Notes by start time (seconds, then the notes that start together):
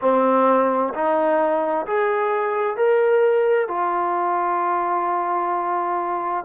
0.01 C4
0.94 D#4
1.86 G#4
2.77 A#4
3.68 F4